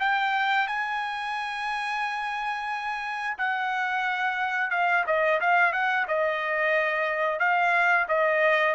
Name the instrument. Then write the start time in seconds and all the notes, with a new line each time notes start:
trumpet
0.00 G5
0.68 G#5
3.38 F#5
4.71 F5
5.07 D#5
5.41 F5
5.73 F#5
6.08 D#5
7.40 F5
8.08 D#5